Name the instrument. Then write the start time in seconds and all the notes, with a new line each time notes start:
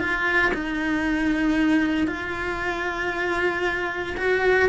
cello
0.00 F4
0.55 D#4
2.08 F4
4.18 F#4